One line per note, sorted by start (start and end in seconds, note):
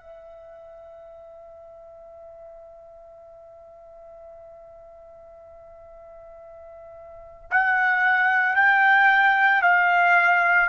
0.00 7.50 E5
7.51 8.56 F#5
8.56 9.62 G5
9.62 10.69 F5